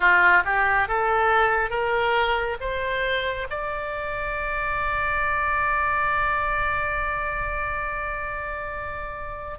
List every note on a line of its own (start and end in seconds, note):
0.00 0.43 F4
0.44 0.88 G4
0.88 1.70 A4
1.70 2.57 A#4
2.60 3.47 C5
3.49 9.58 D5